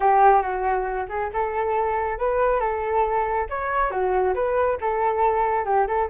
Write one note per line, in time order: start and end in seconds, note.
0.00 0.42 G4
0.42 1.07 F#4
1.08 1.30 G#4
1.33 2.18 A4
2.18 2.60 B4
2.60 3.47 A4
3.49 3.90 C#5
3.90 4.34 F#4
4.34 4.77 B4
4.80 5.65 A4
5.65 5.86 G4
5.87 6.09 A4